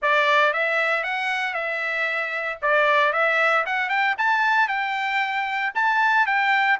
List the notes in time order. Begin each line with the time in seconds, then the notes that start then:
0.02 D5
0.53 E5
1.03 F#5
1.53 E5
2.62 D5
3.12 E5
3.65 F#5
3.89 G5
4.18 A5
4.68 G5
5.74 A5
6.26 G5